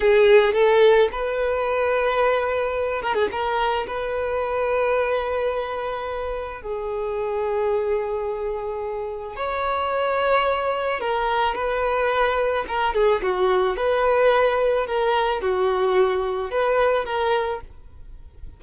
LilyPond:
\new Staff \with { instrumentName = "violin" } { \time 4/4 \tempo 4 = 109 gis'4 a'4 b'2~ | b'4. ais'16 gis'16 ais'4 b'4~ | b'1 | gis'1~ |
gis'4 cis''2. | ais'4 b'2 ais'8 gis'8 | fis'4 b'2 ais'4 | fis'2 b'4 ais'4 | }